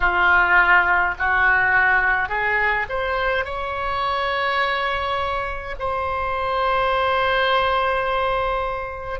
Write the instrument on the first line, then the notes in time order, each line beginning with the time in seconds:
oboe
0.00 F4
1.19 F#4
2.28 G#4
2.88 C5
3.45 C#5
5.79 C5